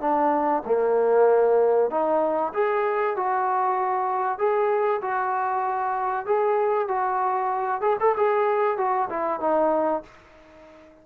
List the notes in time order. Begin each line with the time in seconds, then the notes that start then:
0.00 D4
0.65 A#3
1.90 D#4
2.53 G#4
3.16 F#4
4.38 G#4
5.01 F#4
6.25 G#4
6.88 F#4
7.81 G#4
7.99 A4
8.16 G#4
8.77 F#4
9.09 E4
9.40 D#4